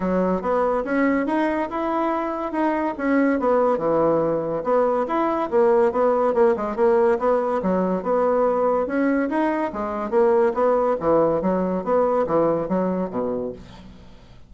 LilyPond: \new Staff \with { instrumentName = "bassoon" } { \time 4/4 \tempo 4 = 142 fis4 b4 cis'4 dis'4 | e'2 dis'4 cis'4 | b4 e2 b4 | e'4 ais4 b4 ais8 gis8 |
ais4 b4 fis4 b4~ | b4 cis'4 dis'4 gis4 | ais4 b4 e4 fis4 | b4 e4 fis4 b,4 | }